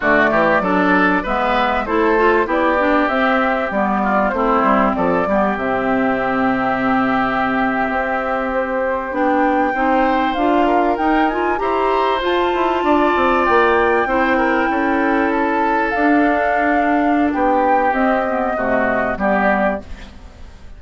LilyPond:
<<
  \new Staff \with { instrumentName = "flute" } { \time 4/4 \tempo 4 = 97 d''2 e''4 c''4 | d''4 e''4 d''4 c''4 | d''4 e''2.~ | e''4.~ e''16 c''4 g''4~ g''16~ |
g''8. f''4 g''8 gis''8 ais''4 a''16~ | a''4.~ a''16 g''2~ g''16~ | g''8. a''4 f''2~ f''16 | g''4 dis''2 d''4 | }
  \new Staff \with { instrumentName = "oboe" } { \time 4/4 fis'8 g'8 a'4 b'4 a'4 | g'2~ g'8 f'8 e'4 | a'8 g'2.~ g'8~ | g'2.~ g'8. c''16~ |
c''4~ c''16 ais'4. c''4~ c''16~ | c''8. d''2 c''8 ais'8 a'16~ | a'1 | g'2 fis'4 g'4 | }
  \new Staff \with { instrumentName = "clarinet" } { \time 4/4 a4 d'4 b4 e'8 f'8 | e'8 d'8 c'4 b4 c'4~ | c'8 b8 c'2.~ | c'2~ c'8. d'4 dis'16~ |
dis'8. f'4 dis'8 f'8 g'4 f'16~ | f'2~ f'8. e'4~ e'16~ | e'4.~ e'16 d'2~ d'16~ | d'4 c'8 b8 a4 b4 | }
  \new Staff \with { instrumentName = "bassoon" } { \time 4/4 d8 e8 fis4 gis4 a4 | b4 c'4 g4 a8 g8 | f8 g8 c2.~ | c8. c'2 b4 c'16~ |
c'8. d'4 dis'4 e'4 f'16~ | f'16 e'8 d'8 c'8 ais4 c'4 cis'16~ | cis'4.~ cis'16 d'2~ d'16 | b4 c'4 c4 g4 | }
>>